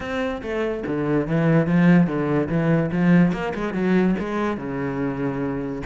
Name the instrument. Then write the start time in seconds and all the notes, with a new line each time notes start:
cello
0.00 C4
0.42 A3
0.86 D3
1.27 E3
1.66 F3
2.06 D3
2.48 E3
2.91 F3
3.32 A#3
3.54 G#3
3.73 F#3
4.19 G#3
4.57 C#3